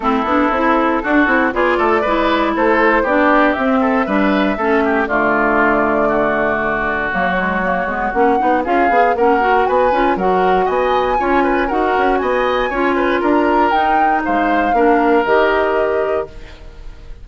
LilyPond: <<
  \new Staff \with { instrumentName = "flute" } { \time 4/4 \tempo 4 = 118 a'2. d''4~ | d''4 c''4 d''4 e''4~ | e''2 d''2~ | d''2 cis''2 |
fis''4 f''4 fis''4 gis''4 | fis''4 gis''2 fis''4 | gis''2 ais''4 g''4 | f''2 dis''2 | }
  \new Staff \with { instrumentName = "oboe" } { \time 4/4 e'2 fis'4 gis'8 a'8 | b'4 a'4 g'4. a'8 | b'4 a'8 g'8 f'2 | fis'1~ |
fis'4 gis'4 ais'4 b'4 | ais'4 dis''4 cis''8 b'8 ais'4 | dis''4 cis''8 b'8 ais'2 | c''4 ais'2. | }
  \new Staff \with { instrumentName = "clarinet" } { \time 4/4 c'8 d'8 e'4 d'8 e'8 f'4 | e'2 d'4 c'4 | d'4 cis'4 a2~ | a2 ais8 gis8 ais8 b8 |
cis'8 dis'8 f'8 gis'8 cis'8 fis'4 f'8 | fis'2 f'4 fis'4~ | fis'4 f'2 dis'4~ | dis'4 d'4 g'2 | }
  \new Staff \with { instrumentName = "bassoon" } { \time 4/4 a8 b8 c'4 d'8 c'8 b8 a8 | gis4 a4 b4 c'4 | g4 a4 d2~ | d2 fis4. gis8 |
ais8 b8 cis'8 b8 ais4 b8 cis'8 | fis4 b4 cis'4 dis'8 cis'8 | b4 cis'4 d'4 dis'4 | gis4 ais4 dis2 | }
>>